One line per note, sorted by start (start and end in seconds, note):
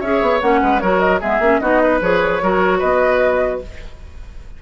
0.00 0.21 C#4
0.00 0.41 G#4
0.00 0.60 C#5
0.00 0.40 E5
0.21 0.41 B3
0.41 0.62 A#3
0.41 0.81 C#4
0.41 0.79 F#5
0.62 0.82 G#3
0.62 0.81 B4
0.79 1.22 F#3
0.79 1.21 F#4
0.79 1.20 A#4
0.79 0.99 C#5
1.00 1.20 D#5
1.20 1.39 G#3
1.20 1.41 B3
1.20 1.60 G#4
1.20 1.59 E5
1.39 1.59 A#3
1.39 1.61 C#4
1.59 2.01 B3
1.59 2.01 D#4
1.59 1.81 F#4
1.59 1.99 D#5
1.83 2.42 B4
2.01 2.41 F3
2.01 2.41 G#4
2.01 2.79 C#5
2.42 2.82 F#3
2.42 3.62 F#4
2.42 2.78 A#4
2.78 3.62 B3
2.78 3.58 B4
2.78 3.59 D#5